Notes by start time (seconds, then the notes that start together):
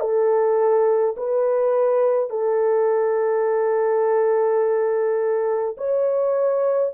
0.00 A4
1.17 B4
2.30 A4
5.77 C#5